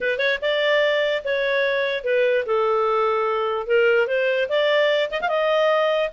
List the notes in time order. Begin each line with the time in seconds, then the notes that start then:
0.00 B4
0.18 C#5
0.41 D5
1.24 C#5
2.04 B4
2.45 A4
3.66 A#4
4.07 C5
4.48 D5
5.10 D#5
5.21 F5
5.28 D#5